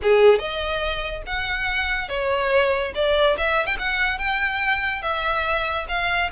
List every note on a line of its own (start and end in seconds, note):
0.02 0.38 G#4
0.38 1.22 D#5
1.26 2.09 F#5
2.09 2.93 C#5
2.94 3.36 D5
3.37 3.66 E5
3.66 3.76 G5
3.78 4.18 F#5
4.18 5.02 G5
5.02 5.86 E5
5.88 6.30 F5